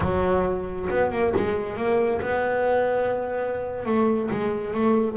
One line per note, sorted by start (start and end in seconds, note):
0.00 0.88 F#3
0.89 1.11 B3
1.11 1.33 A#3
1.36 1.76 G#3
1.76 2.20 A#3
2.21 3.85 B3
3.85 4.29 A3
4.30 4.74 G#3
4.74 5.16 A3